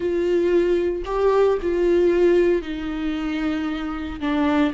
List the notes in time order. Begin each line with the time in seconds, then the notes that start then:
0.00 F4
1.05 G4
1.61 F4
2.61 D#4
4.20 D4